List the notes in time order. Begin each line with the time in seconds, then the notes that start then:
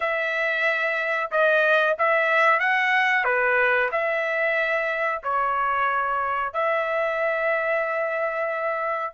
0.00 E5
1.31 D#5
1.98 E5
2.59 F#5
3.24 B4
3.91 E5
5.23 C#5
6.53 E5